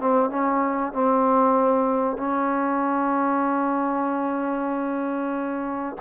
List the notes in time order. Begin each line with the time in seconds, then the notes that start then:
0.00 C4
0.30 C#4
0.93 C4
2.17 C#4